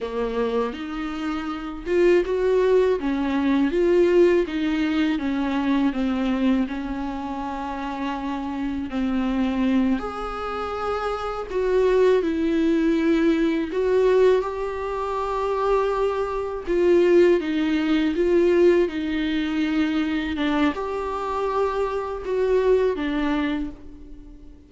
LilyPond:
\new Staff \with { instrumentName = "viola" } { \time 4/4 \tempo 4 = 81 ais4 dis'4. f'8 fis'4 | cis'4 f'4 dis'4 cis'4 | c'4 cis'2. | c'4. gis'2 fis'8~ |
fis'8 e'2 fis'4 g'8~ | g'2~ g'8 f'4 dis'8~ | dis'8 f'4 dis'2 d'8 | g'2 fis'4 d'4 | }